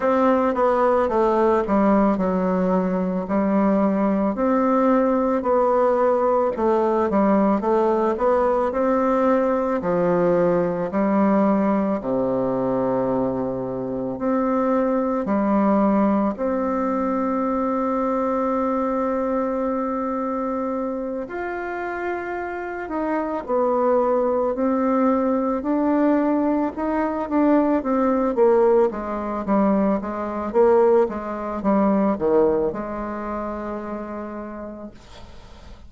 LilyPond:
\new Staff \with { instrumentName = "bassoon" } { \time 4/4 \tempo 4 = 55 c'8 b8 a8 g8 fis4 g4 | c'4 b4 a8 g8 a8 b8 | c'4 f4 g4 c4~ | c4 c'4 g4 c'4~ |
c'2.~ c'8 f'8~ | f'4 dis'8 b4 c'4 d'8~ | d'8 dis'8 d'8 c'8 ais8 gis8 g8 gis8 | ais8 gis8 g8 dis8 gis2 | }